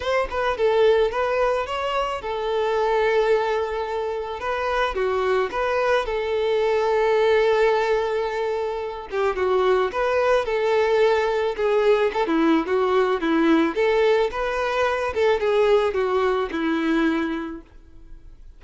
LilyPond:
\new Staff \with { instrumentName = "violin" } { \time 4/4 \tempo 4 = 109 c''8 b'8 a'4 b'4 cis''4 | a'1 | b'4 fis'4 b'4 a'4~ | a'1~ |
a'8 g'8 fis'4 b'4 a'4~ | a'4 gis'4 a'16 e'8. fis'4 | e'4 a'4 b'4. a'8 | gis'4 fis'4 e'2 | }